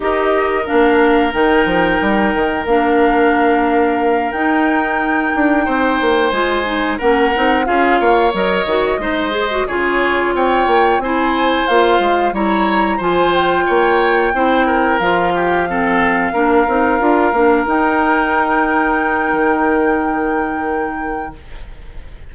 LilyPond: <<
  \new Staff \with { instrumentName = "flute" } { \time 4/4 \tempo 4 = 90 dis''4 f''4 g''2 | f''2~ f''8 g''4.~ | g''4. gis''4 fis''4 f''8~ | f''8 dis''2 cis''4 g''8~ |
g''8 gis''4 f''4 ais''4 gis''8 | g''2~ g''8 f''4.~ | f''2~ f''8 g''4.~ | g''1 | }
  \new Staff \with { instrumentName = "oboe" } { \time 4/4 ais'1~ | ais'1~ | ais'8 c''2 ais'4 gis'8 | cis''4. c''4 gis'4 cis''8~ |
cis''8 c''2 cis''4 c''8~ | c''8 cis''4 c''8 ais'4 g'8 a'8~ | a'8 ais'2.~ ais'8~ | ais'1 | }
  \new Staff \with { instrumentName = "clarinet" } { \time 4/4 g'4 d'4 dis'2 | d'2~ d'8 dis'4.~ | dis'4. f'8 dis'8 cis'8 dis'8 f'8~ | f'8 ais'8 fis'8 dis'8 gis'16 fis'16 f'4.~ |
f'8 e'4 f'4 e'4 f'8~ | f'4. e'4 f'4 c'8~ | c'8 d'8 dis'8 f'8 d'8 dis'4.~ | dis'1 | }
  \new Staff \with { instrumentName = "bassoon" } { \time 4/4 dis'4 ais4 dis8 f8 g8 dis8 | ais2~ ais8 dis'4. | d'8 c'8 ais8 gis4 ais8 c'8 cis'8 | ais8 fis8 dis8 gis4 cis4 c'8 |
ais8 c'4 ais8 gis8 g4 f8~ | f8 ais4 c'4 f4.~ | f8 ais8 c'8 d'8 ais8 dis'4.~ | dis'4 dis2. | }
>>